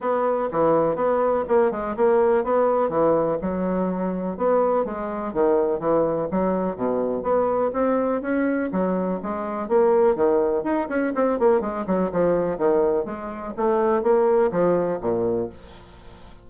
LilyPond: \new Staff \with { instrumentName = "bassoon" } { \time 4/4 \tempo 4 = 124 b4 e4 b4 ais8 gis8 | ais4 b4 e4 fis4~ | fis4 b4 gis4 dis4 | e4 fis4 b,4 b4 |
c'4 cis'4 fis4 gis4 | ais4 dis4 dis'8 cis'8 c'8 ais8 | gis8 fis8 f4 dis4 gis4 | a4 ais4 f4 ais,4 | }